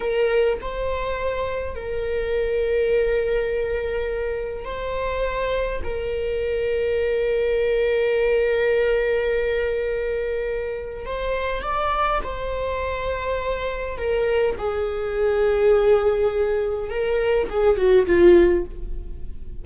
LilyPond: \new Staff \with { instrumentName = "viola" } { \time 4/4 \tempo 4 = 103 ais'4 c''2 ais'4~ | ais'1 | c''2 ais'2~ | ais'1~ |
ais'2. c''4 | d''4 c''2. | ais'4 gis'2.~ | gis'4 ais'4 gis'8 fis'8 f'4 | }